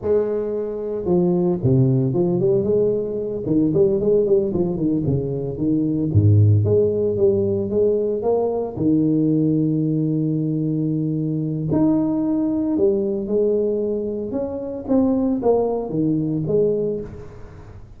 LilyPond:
\new Staff \with { instrumentName = "tuba" } { \time 4/4 \tempo 4 = 113 gis2 f4 c4 | f8 g8 gis4. dis8 g8 gis8 | g8 f8 dis8 cis4 dis4 gis,8~ | gis,8 gis4 g4 gis4 ais8~ |
ais8 dis2.~ dis8~ | dis2 dis'2 | g4 gis2 cis'4 | c'4 ais4 dis4 gis4 | }